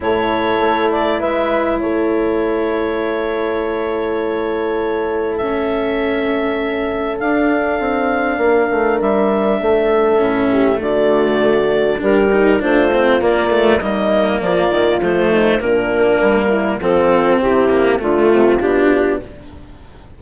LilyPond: <<
  \new Staff \with { instrumentName = "clarinet" } { \time 4/4 \tempo 4 = 100 cis''4. d''8 e''4 cis''4~ | cis''1~ | cis''4 e''2. | f''2. e''4~ |
e''2 d''2 | ais'4 c''4 d''4 dis''4 | d''4 c''4 ais'2 | a'4 g'4 f'4 g'4 | }
  \new Staff \with { instrumentName = "horn" } { \time 4/4 a'2 b'4 a'4~ | a'1~ | a'1~ | a'2 ais'2 |
a'4. g'8 fis'2 | g'4 f'2 dis'4 | f'4. dis'8 d'4. e'8 | f'4 e'4 f'2 | }
  \new Staff \with { instrumentName = "cello" } { \time 4/4 e'1~ | e'1~ | e'4 cis'2. | d'1~ |
d'4 cis'4 a2 | d'8 dis'8 d'8 c'8 ais8 a8 ais4~ | ais4 a4 ais2 | c'4. ais8 a4 d'4 | }
  \new Staff \with { instrumentName = "bassoon" } { \time 4/4 a,4 a4 gis4 a4~ | a1~ | a1 | d'4 c'4 ais8 a8 g4 |
a4 a,4 d2 | g4 a4 ais4 g4 | f8 dis8 f4 ais,4 g4 | f4 c4 d8 c8 b,4 | }
>>